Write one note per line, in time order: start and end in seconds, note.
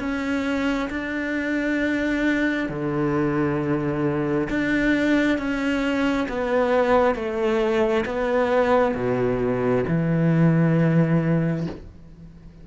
0.00 0.90 C#4
0.90 2.69 D4
2.69 4.49 D3
4.50 5.39 D4
5.39 6.28 C#4
6.29 7.15 B3
7.15 8.05 A3
8.06 8.95 B3
8.95 9.84 B2
9.88 11.67 E3